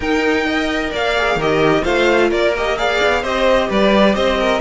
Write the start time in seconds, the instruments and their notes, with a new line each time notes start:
0.00 cello D#4, viola D#4, violin A#4 G5
0.46 viola A#4, violin D#5
0.91 cello A#3, violin D5 F5
1.17 viola G#4
1.35 cello D#3, viola G4, violin A#4 D#5
1.83 cello A3, viola F4, violin C5 F5
2.30 cello A#3, violin A#4 D5
2.56 viola G4, violin D#5
2.77 viola G#4, violin D5 F5
3.02 cello B3
3.21 cello C4, viola G4, violin C5 D#5
3.68 cello G3, violin B4 D5
4.15 cello C4, violin C5 D#5
4.39 violin A#4